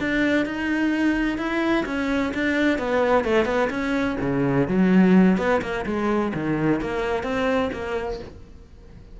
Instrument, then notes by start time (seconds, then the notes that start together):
cello
0.00 D4
0.46 D#4
1.38 E4
1.86 C#4
2.34 D4
2.78 B3
3.25 A3
3.45 B3
3.70 C#4
4.21 C#3
4.68 F#3
5.38 B3
5.62 A#3
5.86 G#3
6.34 D#3
6.81 A#3
7.23 C4
7.73 A#3